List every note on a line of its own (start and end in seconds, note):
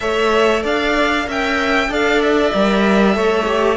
0.00 0.64 A3
0.00 1.25 A4
0.00 0.62 C#5
0.00 0.62 E5
0.62 1.27 D4
0.62 1.26 D5
0.62 1.28 F5
1.25 1.88 C#4
1.25 1.88 A#4
1.25 1.90 E5
1.25 1.93 G5
1.88 2.51 D4
1.88 2.52 A4
1.88 3.16 D5
1.88 2.21 F5
2.21 3.76 E5
2.53 3.16 G3
2.53 3.14 A#4
3.14 3.76 A3
3.14 3.45 A4
3.14 3.76 C#5
3.46 3.76 G4